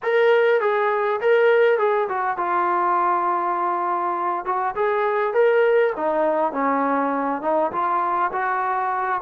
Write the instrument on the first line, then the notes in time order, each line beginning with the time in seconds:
trombone
0.02 A#4
0.60 G#4
1.20 A#4
1.78 G#4
2.08 F#4
2.37 F4
4.45 F#4
4.75 G#4
5.33 A#4
5.96 D#4
6.52 C#4
7.41 D#4
7.71 F4
8.32 F#4